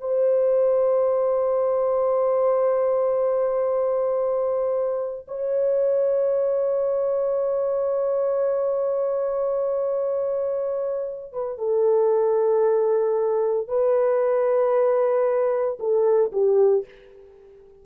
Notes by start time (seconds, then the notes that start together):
0.00 C5
5.28 C#5
11.33 B4
11.58 A4
13.68 B4
15.79 A4
16.32 G4